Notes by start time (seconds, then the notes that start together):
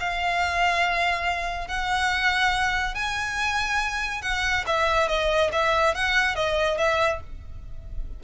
0.00 F5
1.68 F#5
2.95 G#5
4.22 F#5
4.67 E5
5.09 D#5
5.52 E5
5.95 F#5
6.35 D#5
6.78 E5